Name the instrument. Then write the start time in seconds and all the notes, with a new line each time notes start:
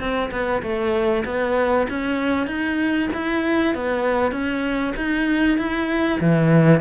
cello
0.00 C4
0.32 B3
0.63 A3
1.26 B3
1.90 C#4
2.47 D#4
3.14 E4
3.75 B3
4.32 C#4
4.97 D#4
5.58 E4
6.21 E3